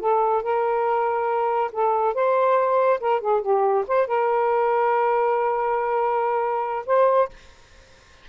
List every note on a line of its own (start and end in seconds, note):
0.00 0.43 A4
0.43 1.71 A#4
1.72 2.14 A4
2.14 3.00 C5
3.00 3.21 A#4
3.21 3.42 G#4
3.42 3.85 G4
3.88 4.07 C5
4.07 6.86 A#4
6.86 7.29 C5